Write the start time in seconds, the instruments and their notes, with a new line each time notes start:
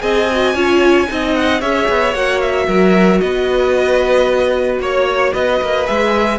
0.00 cello C4, viola G#4, violin D#5 G#5
0.32 viola F#4
0.55 cello C#4, viola F4, violin C#5
1.08 cello C4, viola D#4, violin D#5
1.35 violin F#5
1.61 cello C#4, viola G#4, violin C#5 E5
1.89 cello B3
2.14 cello A#3, viola F#4, violin F#5
2.41 violin E5
2.68 cello F#3, violin A#4
3.20 cello B3, violin B4 D#5
4.80 cello A#3, violin C#5
5.33 cello B3, violin B4 D#5
5.62 cello A#3
5.85 cello G#3, viola G#4, violin E5